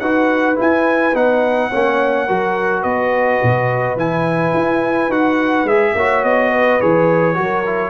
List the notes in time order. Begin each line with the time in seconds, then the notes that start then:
0.00 D#4 F#4 B4 F#5
0.56 E4 G#5
1.15 B3 D#4 F#5
1.71 A#3 C#4 C#5
2.27 F#3 F#4 A#4
2.82 B3 B4 D#5
3.43 B2
3.97 E3 E4 G#5
4.54 E4
5.09 D#4 F#4 F#5
5.64 G#3 G#4 E5
5.95 A#3 F#4 C#5
6.24 B3 D#5
6.51 B4
6.81 E3 G#4 C#5
7.35 F#3 F#4 A#4
7.66 E4